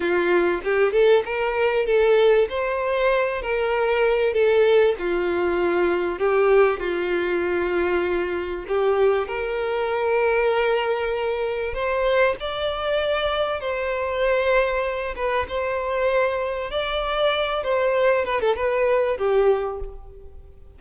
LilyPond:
\new Staff \with { instrumentName = "violin" } { \time 4/4 \tempo 4 = 97 f'4 g'8 a'8 ais'4 a'4 | c''4. ais'4. a'4 | f'2 g'4 f'4~ | f'2 g'4 ais'4~ |
ais'2. c''4 | d''2 c''2~ | c''8 b'8 c''2 d''4~ | d''8 c''4 b'16 a'16 b'4 g'4 | }